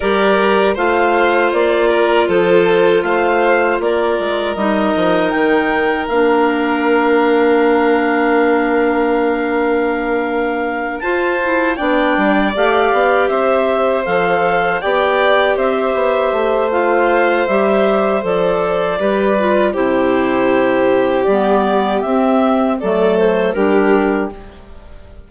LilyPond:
<<
  \new Staff \with { instrumentName = "clarinet" } { \time 4/4 \tempo 4 = 79 d''4 f''4 d''4 c''4 | f''4 d''4 dis''4 g''4 | f''1~ | f''2~ f''8 a''4 g''8~ |
g''8 f''4 e''4 f''4 g''8~ | g''8 e''4. f''4 e''4 | d''2 c''2 | d''4 e''4 d''8 c''8 ais'4 | }
  \new Staff \with { instrumentName = "violin" } { \time 4/4 ais'4 c''4. ais'8 a'4 | c''4 ais'2.~ | ais'1~ | ais'2~ ais'8 c''4 d''8~ |
d''4. c''2 d''8~ | d''8 c''2.~ c''8~ | c''4 b'4 g'2~ | g'2 a'4 g'4 | }
  \new Staff \with { instrumentName = "clarinet" } { \time 4/4 g'4 f'2.~ | f'2 dis'2 | d'1~ | d'2~ d'8 f'8 e'8 d'8~ |
d'8 g'2 a'4 g'8~ | g'2 f'4 g'4 | a'4 g'8 f'8 e'2 | b4 c'4 a4 d'4 | }
  \new Staff \with { instrumentName = "bassoon" } { \time 4/4 g4 a4 ais4 f4 | a4 ais8 gis8 g8 f8 dis4 | ais1~ | ais2~ ais8 f'4 b8 |
g8 a8 b8 c'4 f4 b8~ | b8 c'8 b8 a4. g4 | f4 g4 c2 | g4 c'4 fis4 g4 | }
>>